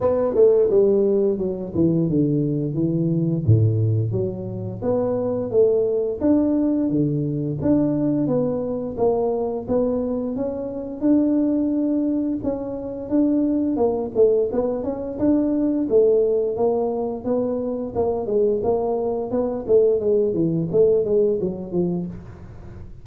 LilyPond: \new Staff \with { instrumentName = "tuba" } { \time 4/4 \tempo 4 = 87 b8 a8 g4 fis8 e8 d4 | e4 a,4 fis4 b4 | a4 d'4 d4 d'4 | b4 ais4 b4 cis'4 |
d'2 cis'4 d'4 | ais8 a8 b8 cis'8 d'4 a4 | ais4 b4 ais8 gis8 ais4 | b8 a8 gis8 e8 a8 gis8 fis8 f8 | }